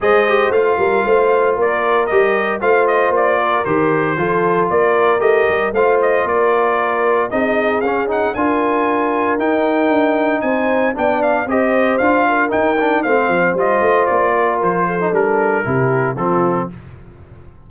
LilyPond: <<
  \new Staff \with { instrumentName = "trumpet" } { \time 4/4 \tempo 4 = 115 dis''4 f''2 d''4 | dis''4 f''8 dis''8 d''4 c''4~ | c''4 d''4 dis''4 f''8 dis''8 | d''2 dis''4 f''8 fis''8 |
gis''2 g''2 | gis''4 g''8 f''8 dis''4 f''4 | g''4 f''4 dis''4 d''4 | c''4 ais'2 a'4 | }
  \new Staff \with { instrumentName = "horn" } { \time 4/4 c''4. ais'8 c''4 ais'4~ | ais'4 c''4. ais'4. | a'4 ais'2 c''4 | ais'2 gis'2 |
ais'1 | c''4 d''4 c''4. ais'8~ | ais'4 c''2~ c''8 ais'8~ | ais'8 a'4. g'4 f'4 | }
  \new Staff \with { instrumentName = "trombone" } { \time 4/4 gis'8 g'8 f'2. | g'4 f'2 g'4 | f'2 g'4 f'4~ | f'2 dis'4 cis'8 dis'8 |
f'2 dis'2~ | dis'4 d'4 g'4 f'4 | dis'8 d'8 c'4 f'2~ | f'8. dis'16 d'4 e'4 c'4 | }
  \new Staff \with { instrumentName = "tuba" } { \time 4/4 gis4 a8 g8 a4 ais4 | g4 a4 ais4 dis4 | f4 ais4 a8 g8 a4 | ais2 c'4 cis'4 |
d'2 dis'4 d'4 | c'4 b4 c'4 d'4 | dis'4 a8 f8 g8 a8 ais4 | f4 g4 c4 f4 | }
>>